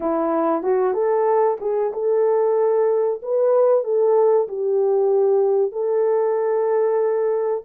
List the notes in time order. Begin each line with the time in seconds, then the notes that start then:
0.00 E4
0.62 F#4
0.93 A4
1.60 G#4
1.93 A4
3.22 B4
3.84 A4
4.48 G4
5.72 A4